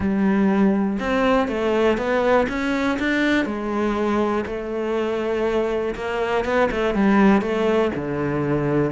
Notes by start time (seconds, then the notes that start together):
0.00 G3
0.99 C4
1.48 A3
1.97 B3
2.48 C#4
2.99 D4
3.45 G#3
4.46 A3
5.95 A#3
6.44 B3
6.71 A3
6.94 G3
7.41 A3
7.95 D3